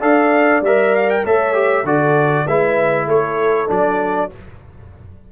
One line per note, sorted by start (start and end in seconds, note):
0.00 0.61 D4
0.00 0.62 A4
0.00 1.22 D5
0.00 0.63 F5
0.61 1.22 G3
0.61 1.26 A#4
0.61 0.95 E5
0.95 1.10 F5
1.10 1.25 G5
1.23 1.84 A3
1.23 1.54 A4
1.23 1.84 C#5
1.23 1.87 E5
1.54 1.84 G4
1.84 2.45 D3
1.84 2.47 F#4
1.84 2.45 A4
1.84 2.47 D5
2.45 3.07 G#3
2.45 3.68 E4
2.45 3.06 B4
2.45 3.09 E5
3.07 3.68 A3
3.07 4.30 A4
3.07 3.70 C#5
3.68 4.31 F#3
3.68 4.29 D4
3.68 4.32 D5